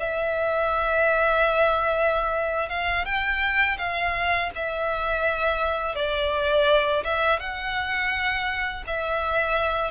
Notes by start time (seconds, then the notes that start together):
0.00 E5
2.70 F5
3.06 G5
3.79 F5
4.56 E5
5.96 D5
7.05 E5
7.40 F#5
8.88 E5